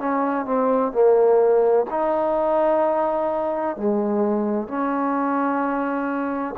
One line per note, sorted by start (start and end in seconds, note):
0.00 0.46 C#4
0.46 0.92 C4
0.92 1.86 A#3
1.91 3.77 D#4
3.77 4.68 G#3
4.68 6.56 C#4